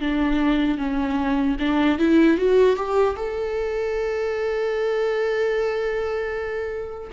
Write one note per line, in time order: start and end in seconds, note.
0.00 0.78 D4
0.78 1.57 C#4
1.59 1.99 D4
1.99 2.38 E4
2.38 2.76 F#4
2.76 3.16 G4
3.16 7.11 A4